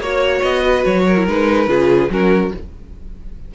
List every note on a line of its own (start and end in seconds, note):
0.00 0.42 A#3
0.00 1.17 F#4
0.00 0.62 C#5
0.00 0.42 C#5
0.42 0.84 B3
0.42 0.84 D#5
0.62 1.04 B4
0.85 1.28 F#3
0.85 1.26 C#5
1.07 1.69 A#4
1.17 1.27 E4
1.28 1.67 G#3
1.28 1.68 D#4
1.28 2.12 B4
1.67 2.09 C#3
1.67 2.10 F4
1.67 2.11 G#4
2.10 2.51 F#3
2.10 2.52 C#4
2.10 2.55 F#4
2.10 2.53 A#4